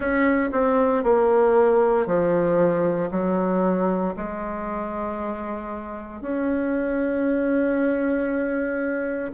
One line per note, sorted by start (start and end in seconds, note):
0.00 0.50 C#4
0.52 1.03 C4
1.03 2.06 A#3
2.06 3.09 F3
3.11 4.14 F#3
4.16 6.21 G#3
6.21 9.31 C#4